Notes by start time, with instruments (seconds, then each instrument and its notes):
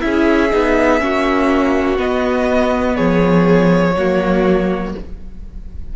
0.00 cello C#4, viola E4, violin G#4 E5
0.51 cello B3, viola D#4
1.00 cello A#3, viola C#4, violin F#4
1.97 viola B3, cello B3, violin D#5
2.95 cello F3, violin G#4 C#5
3.96 cello F#3, viola A#3, violin F#4